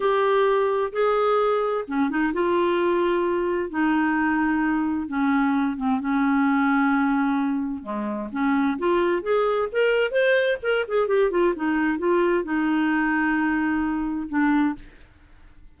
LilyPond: \new Staff \with { instrumentName = "clarinet" } { \time 4/4 \tempo 4 = 130 g'2 gis'2 | cis'8 dis'8 f'2. | dis'2. cis'4~ | cis'8 c'8 cis'2.~ |
cis'4 gis4 cis'4 f'4 | gis'4 ais'4 c''4 ais'8 gis'8 | g'8 f'8 dis'4 f'4 dis'4~ | dis'2. d'4 | }